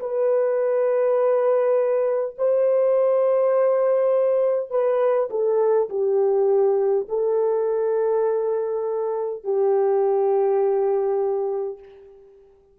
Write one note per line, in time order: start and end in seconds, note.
0.00 2.35 B4
2.38 4.70 C5
4.70 5.29 B4
5.30 5.89 A4
5.89 7.07 G4
7.09 9.44 A4
9.44 11.79 G4